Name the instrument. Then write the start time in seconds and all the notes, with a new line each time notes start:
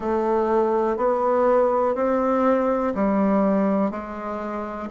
bassoon
0.00 A3
0.96 B3
1.95 C4
2.94 G3
3.90 G#3